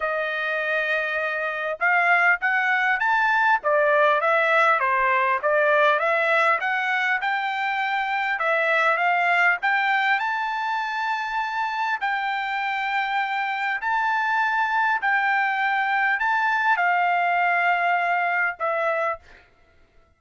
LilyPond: \new Staff \with { instrumentName = "trumpet" } { \time 4/4 \tempo 4 = 100 dis''2. f''4 | fis''4 a''4 d''4 e''4 | c''4 d''4 e''4 fis''4 | g''2 e''4 f''4 |
g''4 a''2. | g''2. a''4~ | a''4 g''2 a''4 | f''2. e''4 | }